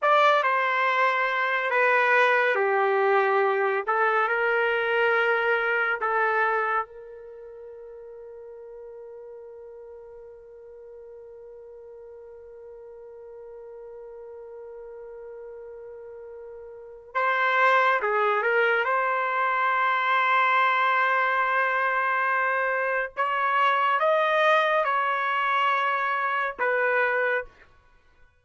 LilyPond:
\new Staff \with { instrumentName = "trumpet" } { \time 4/4 \tempo 4 = 70 d''8 c''4. b'4 g'4~ | g'8 a'8 ais'2 a'4 | ais'1~ | ais'1~ |
ais'1 | c''4 gis'8 ais'8 c''2~ | c''2. cis''4 | dis''4 cis''2 b'4 | }